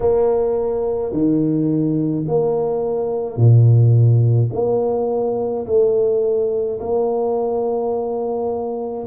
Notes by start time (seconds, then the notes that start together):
0.00 A#3
1.12 D#3
2.27 A#3
3.36 A#2
4.52 A#3
5.66 A3
6.79 A#3